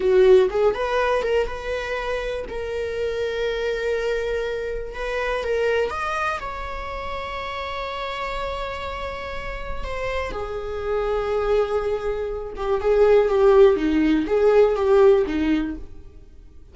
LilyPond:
\new Staff \with { instrumentName = "viola" } { \time 4/4 \tempo 4 = 122 fis'4 gis'8 b'4 ais'8 b'4~ | b'4 ais'2.~ | ais'2 b'4 ais'4 | dis''4 cis''2.~ |
cis''1 | c''4 gis'2.~ | gis'4. g'8 gis'4 g'4 | dis'4 gis'4 g'4 dis'4 | }